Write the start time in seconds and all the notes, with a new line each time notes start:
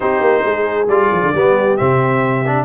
0.00 C4 D#4 G4 C5
0.20 A#3
0.45 G#3 G#4
0.87 G3 F4 D5
1.11 F3
1.22 D3
1.34 G3 B3 G4
1.76 C3 C4 E5
2.46 D4